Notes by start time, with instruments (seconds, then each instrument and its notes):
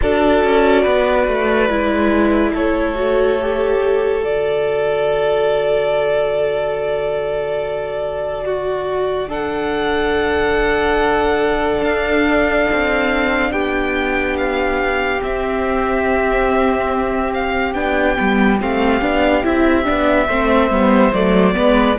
0.01 cello D4, viola F#4, violin A4 D5
0.43 cello C#4
0.82 cello B3, violin B4
1.27 cello A3
1.69 cello G#3, viola E4
2.53 cello A3, violin A4 C#5
2.95 viola F#4
3.40 viola G4
4.22 cello D3, viola F#4, violin D5
8.45 violin F#4
9.28 viola D4, violin A4 F#5
11.82 cello D4, violin F5
12.72 cello C4
13.51 cello B3, violin G4 G5
14.37 violin F5
15.22 viola C4, cello C4, violin E5
17.33 violin F5
17.73 cello B3, viola D4, violin G5
18.16 cello G3, viola B3
18.61 cello A3, viola C4, violin F5
19.01 cello B3, viola D4
19.43 cello C4, viola E4, violin E5
19.84 cello B3, viola D4
20.27 cello A3, viola C4, violin C5
20.69 cello G3, viola B3
21.13 cello F#3, viola A3, violin D5
21.53 cello G#3, viola B3, violin B4